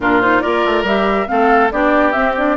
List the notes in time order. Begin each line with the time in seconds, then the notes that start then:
0.00 A#2 D4 F4 A#4
0.21 D#4 C5
0.41 A#3 F4 A#4 D5
0.65 A3
0.83 G3 G4 E5
1.27 A3 C4 A4 F5
1.71 B3 D4 G4 D5
2.12 C4 E5
2.37 D4 D5